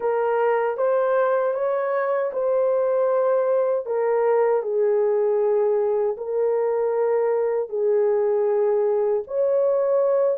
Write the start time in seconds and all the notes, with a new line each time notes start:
0.00 A#4
0.77 C5
1.54 C#5
2.33 C5
3.85 A#4
4.62 G#4
6.17 A#4
7.69 G#4
9.27 C#5